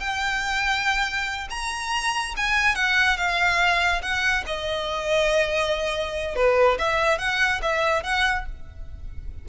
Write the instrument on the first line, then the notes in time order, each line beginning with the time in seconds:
violin
0.00 G5
1.50 A#5
2.37 G#5
2.75 F#5
3.17 F5
4.02 F#5
4.46 D#5
6.36 B4
6.78 E5
7.18 F#5
7.62 E5
8.03 F#5